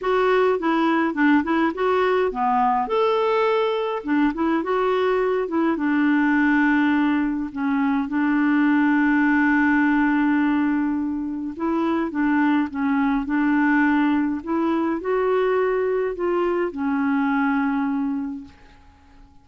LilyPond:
\new Staff \with { instrumentName = "clarinet" } { \time 4/4 \tempo 4 = 104 fis'4 e'4 d'8 e'8 fis'4 | b4 a'2 d'8 e'8 | fis'4. e'8 d'2~ | d'4 cis'4 d'2~ |
d'1 | e'4 d'4 cis'4 d'4~ | d'4 e'4 fis'2 | f'4 cis'2. | }